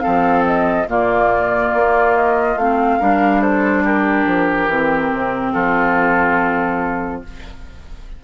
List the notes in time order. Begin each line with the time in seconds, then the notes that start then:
0.00 C4 A4 F5
0.07 F3
0.46 D#5
0.88 A#2 A#3 F4 D5
1.74 A#3
2.16 D#5
2.56 A3 C4 F5
2.99 G3 D4 A#4
3.41 A4 C5
3.84 G4 A#4
4.26 F3
4.68 E3 C4
5.13 C3
5.53 F3 F4 A4